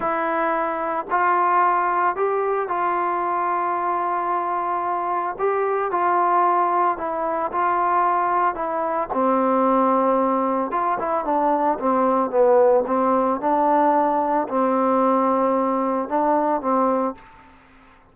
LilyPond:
\new Staff \with { instrumentName = "trombone" } { \time 4/4 \tempo 4 = 112 e'2 f'2 | g'4 f'2.~ | f'2 g'4 f'4~ | f'4 e'4 f'2 |
e'4 c'2. | f'8 e'8 d'4 c'4 b4 | c'4 d'2 c'4~ | c'2 d'4 c'4 | }